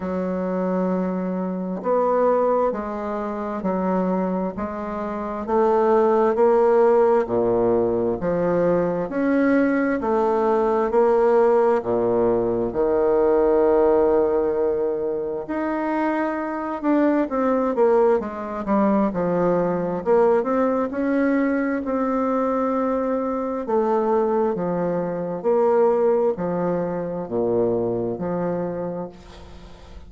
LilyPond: \new Staff \with { instrumentName = "bassoon" } { \time 4/4 \tempo 4 = 66 fis2 b4 gis4 | fis4 gis4 a4 ais4 | ais,4 f4 cis'4 a4 | ais4 ais,4 dis2~ |
dis4 dis'4. d'8 c'8 ais8 | gis8 g8 f4 ais8 c'8 cis'4 | c'2 a4 f4 | ais4 f4 ais,4 f4 | }